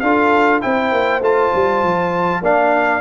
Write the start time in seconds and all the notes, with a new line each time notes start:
0.00 D4 F4 A4 F5
0.61 C4 E4 C5 G5
0.92 A#3
1.21 A3 F4 A5
1.54 G3
1.83 F3
2.42 A#3 D4 D5 F5